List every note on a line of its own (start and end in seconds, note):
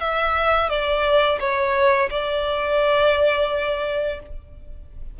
0.00 0.69 E5
0.69 1.39 D5
1.40 2.09 C#5
2.10 4.20 D5